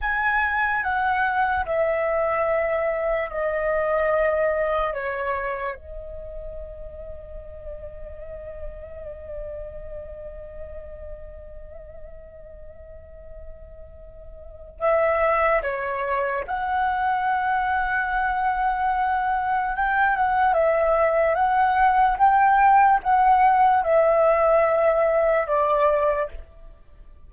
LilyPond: \new Staff \with { instrumentName = "flute" } { \time 4/4 \tempo 4 = 73 gis''4 fis''4 e''2 | dis''2 cis''4 dis''4~ | dis''1~ | dis''1~ |
dis''2 e''4 cis''4 | fis''1 | g''8 fis''8 e''4 fis''4 g''4 | fis''4 e''2 d''4 | }